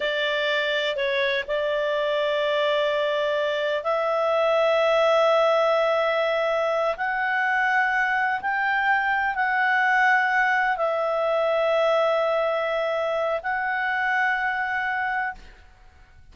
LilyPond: \new Staff \with { instrumentName = "clarinet" } { \time 4/4 \tempo 4 = 125 d''2 cis''4 d''4~ | d''1 | e''1~ | e''2~ e''8 fis''4.~ |
fis''4. g''2 fis''8~ | fis''2~ fis''8 e''4.~ | e''1 | fis''1 | }